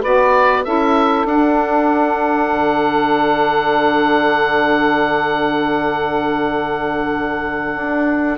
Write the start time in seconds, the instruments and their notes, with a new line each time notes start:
0.00 bassoon B3, saxophone F#4 B4, oboe D5
0.64 bassoon C#4, saxophone E4 A4, oboe E5
1.25 bassoon D4, saxophone D4, oboe F#5
2.52 bassoon D3
7.76 bassoon D4